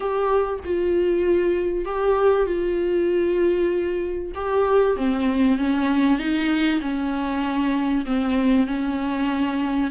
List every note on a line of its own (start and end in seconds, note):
0.00 0.59 G4
0.64 1.85 F4
1.85 2.46 G4
2.46 4.32 F4
4.34 4.96 G4
4.96 5.58 C4
5.58 6.18 C#4
6.18 6.80 D#4
6.81 8.05 C#4
8.05 8.67 C4
8.67 9.90 C#4